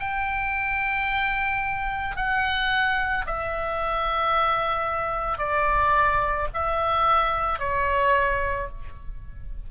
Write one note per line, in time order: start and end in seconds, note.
0.00 2.16 G5
2.16 3.25 F#5
3.26 5.38 E5
5.38 6.47 D5
6.54 7.59 E5
7.59 8.68 C#5